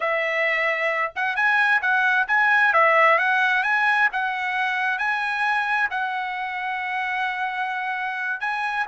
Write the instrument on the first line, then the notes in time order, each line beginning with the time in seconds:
trumpet
0.00 E5
1.15 F#5
1.36 G#5
1.81 F#5
2.27 G#5
2.73 E5
3.18 F#5
3.63 G#5
4.12 F#5
4.98 G#5
5.90 F#5
8.40 G#5